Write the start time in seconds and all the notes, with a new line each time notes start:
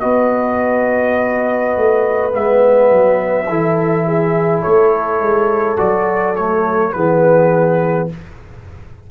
0.00 B3 F#4 B4 D#5
1.77 A3
2.31 G#3 B3 E5
2.91 F#3
3.49 E3 E4 A4
4.06 G#4
4.62 A3 A4 C#5
5.20 G#3
5.77 F#3 F#4 D5
6.36 A3 C#5
6.93 E3 B3 G#4 B4